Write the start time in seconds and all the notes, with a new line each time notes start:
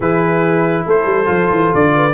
0.00 E3 E4 G#4 B4
0.86 A3 A4 C5
1.05 G3
1.25 F3 F4
1.50 E3
1.74 D3 D5
1.95 B4